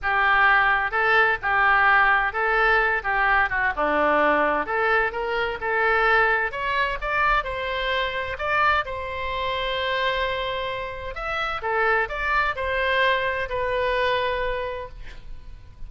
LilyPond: \new Staff \with { instrumentName = "oboe" } { \time 4/4 \tempo 4 = 129 g'2 a'4 g'4~ | g'4 a'4. g'4 fis'8 | d'2 a'4 ais'4 | a'2 cis''4 d''4 |
c''2 d''4 c''4~ | c''1 | e''4 a'4 d''4 c''4~ | c''4 b'2. | }